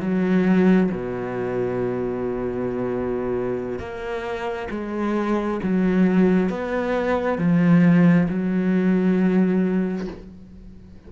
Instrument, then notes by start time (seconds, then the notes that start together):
cello
0.00 F#3
0.91 B2
3.79 A#3
4.70 G#3
5.63 F#3
6.49 B3
7.38 F3
8.28 F#3